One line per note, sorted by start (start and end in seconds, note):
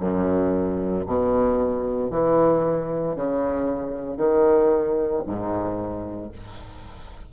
0.00 1.05 F#2
1.06 2.10 B2
2.10 3.15 E3
3.15 4.17 C#3
4.17 5.22 D#3
5.26 6.32 G#2